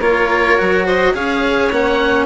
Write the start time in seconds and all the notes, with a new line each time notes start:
0.00 A#3 F4 A#4 C#5
0.58 F#3 F#4
0.85 C5 D#5
1.14 C#4 G#4 C#5 F5
1.72 A#3 C#4 F#5